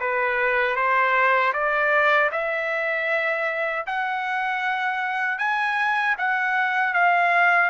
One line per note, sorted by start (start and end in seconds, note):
0.00 0.76 B4
0.76 1.52 C5
1.53 2.30 D5
2.31 3.85 E5
3.86 5.38 F#5
5.38 6.15 G#5
6.18 6.93 F#5
6.93 7.70 F5